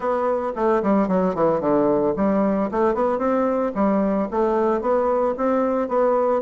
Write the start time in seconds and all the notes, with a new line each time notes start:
0.00 B3
0.55 A3
0.83 G3
1.07 F#3
1.35 E3
1.60 D3
2.16 G3
2.71 A3
2.94 B3
3.18 C4
3.74 G3
4.31 A3
4.81 B3
5.37 C4
5.88 B3